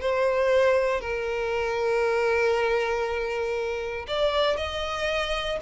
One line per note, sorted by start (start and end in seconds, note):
0.00 1.01 C5
1.01 4.06 A#4
4.07 4.56 D5
4.56 5.58 D#5